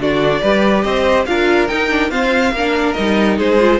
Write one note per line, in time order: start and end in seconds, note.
0.00 0.42 D3
0.00 0.43 D4
0.00 0.42 F#4
0.00 0.82 D5
0.42 0.85 G3
0.42 1.27 G4
0.42 0.85 B4
0.82 1.27 C4
0.82 1.28 C5
0.82 1.24 D#5
1.26 1.71 D4
1.26 1.69 F4
1.26 2.11 A#4
1.26 1.68 F5
1.68 1.90 D#4
1.68 2.11 D#4
1.68 2.11 G5
1.90 2.11 D4
2.11 2.53 C4
2.11 2.52 F4
2.11 2.54 C5
2.11 2.94 F5
2.52 2.95 A#3
2.52 2.97 D4
2.52 3.38 A#4
2.94 3.39 G3
2.94 3.60 D#4
2.94 3.36 D#5
3.38 3.80 G#3
3.38 3.80 G#4
3.38 3.80 C5
3.60 3.80 F4